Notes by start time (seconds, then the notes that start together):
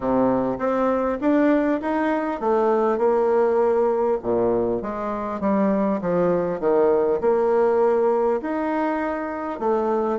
0.00 C3
0.58 C4
1.20 D4
1.81 D#4
2.40 A3
2.98 A#3
4.22 A#2
4.82 G#3
5.40 G3
6.01 F3
6.60 D#3
7.21 A#3
8.41 D#4
9.59 A3